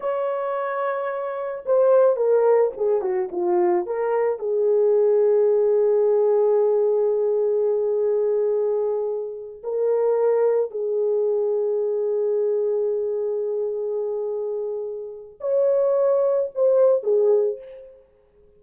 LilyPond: \new Staff \with { instrumentName = "horn" } { \time 4/4 \tempo 4 = 109 cis''2. c''4 | ais'4 gis'8 fis'8 f'4 ais'4 | gis'1~ | gis'1~ |
gis'4. ais'2 gis'8~ | gis'1~ | gis'1 | cis''2 c''4 gis'4 | }